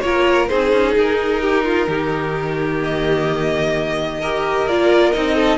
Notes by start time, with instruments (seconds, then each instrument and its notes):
0.00 cello A#3, viola F4, violin A#4 C#5
0.47 cello C4, viola D#4, violin G#4 C5
0.72 cello C#4
0.96 cello D#4, violin A#4
1.41 violin G4
1.64 violin F4
1.87 cello D#3, violin G4
2.80 viola A#3, violin D#5
4.21 viola G4, violin A#4
4.65 cello A#3, viola F4, violin D5
5.12 cello C4, viola D#4, violin D#5
5.35 violin A4